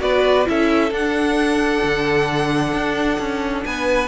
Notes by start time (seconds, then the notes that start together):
0.00 B3 F#4 B4 D5
0.45 C#4 E4 A4 E5
0.91 D4 F#5
1.84 D3
2.74 D4
3.20 C#4
3.65 B3 B4 G#5